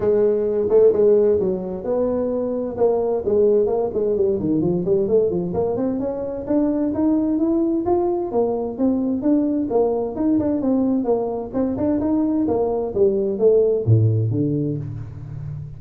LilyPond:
\new Staff \with { instrumentName = "tuba" } { \time 4/4 \tempo 4 = 130 gis4. a8 gis4 fis4 | b2 ais4 gis4 | ais8 gis8 g8 dis8 f8 g8 a8 f8 | ais8 c'8 cis'4 d'4 dis'4 |
e'4 f'4 ais4 c'4 | d'4 ais4 dis'8 d'8 c'4 | ais4 c'8 d'8 dis'4 ais4 | g4 a4 a,4 d4 | }